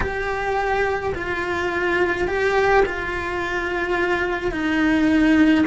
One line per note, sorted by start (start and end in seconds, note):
0.00 1.13 G4
1.14 2.27 F4
2.27 2.84 G4
2.85 4.51 F4
4.51 5.64 D#4